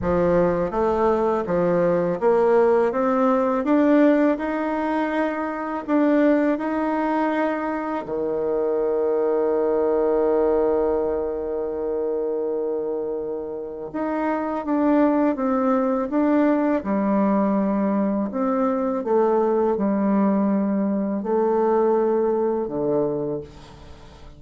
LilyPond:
\new Staff \with { instrumentName = "bassoon" } { \time 4/4 \tempo 4 = 82 f4 a4 f4 ais4 | c'4 d'4 dis'2 | d'4 dis'2 dis4~ | dis1~ |
dis2. dis'4 | d'4 c'4 d'4 g4~ | g4 c'4 a4 g4~ | g4 a2 d4 | }